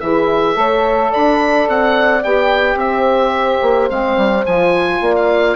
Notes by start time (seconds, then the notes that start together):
0.00 E3 E4 G#4 E5
0.54 A3 A4 C#5
1.11 D4 D5 B5
1.69 C4 F#5
2.23 B3 G4 G5
2.75 C4 C5 E5
3.62 A#3
3.89 G#3 C4 F5
4.17 G3
4.46 F3 F4 G#5
5.01 A#3 D5
5.16 F5